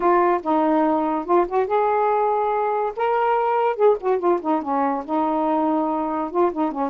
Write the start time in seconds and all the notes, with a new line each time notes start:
0.00 F4
0.42 D#4
1.25 F4
1.47 F#4
1.66 G#4
2.96 A#4
3.76 G#4
4.00 F#4
4.18 F4
4.41 D#4
4.62 C#4
5.05 D#4
6.30 F4
6.52 D#4
6.71 C#4